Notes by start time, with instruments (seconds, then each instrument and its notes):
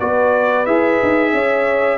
0.00 tuba B3, trombone F#4, horn B4, trumpet D5
0.66 tuba E4, trombone G#4, trumpet E5
1.03 tuba D#4
1.32 tuba C#4, horn C#5